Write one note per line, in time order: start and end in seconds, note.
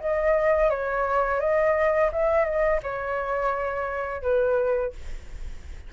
0.00 0.70 D#5
0.70 1.40 C#5
1.40 2.10 D#5
2.12 2.45 E5
2.45 2.80 D#5
2.83 4.22 C#5
4.22 4.93 B4